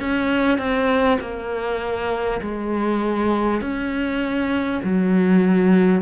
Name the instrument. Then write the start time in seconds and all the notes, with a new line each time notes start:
cello
0.00 C#4
0.58 C4
1.21 A#3
2.41 G#3
3.62 C#4
4.84 F#3